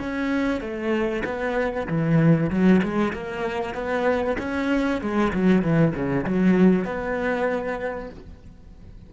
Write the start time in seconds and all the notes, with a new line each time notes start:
0.00 C#4
0.61 A3
1.25 B3
1.88 E3
2.51 F#3
2.83 G#3
3.13 A#3
3.75 B3
4.39 C#4
5.02 G#3
5.34 F#3
5.62 E3
5.96 C#3
6.25 F#3
6.85 B3